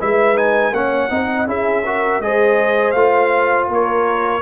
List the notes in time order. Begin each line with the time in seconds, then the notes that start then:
0.00 G#3 E4 B4 E5
0.35 D#4 G#5
0.72 A#3 C#4 C#5 F#5
1.09 C4 D#4 D#5
1.46 C#4 E4 G#4 E5
1.86 F#4 A#4
2.20 G#3 G#4 C5 D#5
2.91 A3 F4 F5
3.68 A#3 A#4 C#5